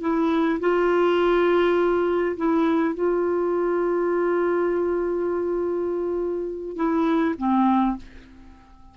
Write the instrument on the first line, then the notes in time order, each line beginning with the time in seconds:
clarinet
0.00 E4
0.60 F4
2.36 E4
2.94 F4
6.76 E4
7.37 C4